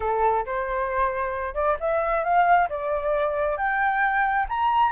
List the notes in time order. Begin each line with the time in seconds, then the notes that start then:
0.00 A4
0.45 C5
1.54 D5
1.80 E5
2.23 F5
2.69 D5
3.57 G5
4.48 A#5